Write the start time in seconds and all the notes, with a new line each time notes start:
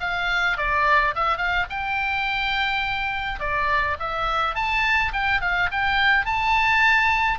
0.00 F5
0.57 D5
1.15 E5
1.37 F5
1.70 G5
3.39 D5
3.99 E5
4.55 A5
5.12 G5
5.41 F5
5.71 G5
6.25 A5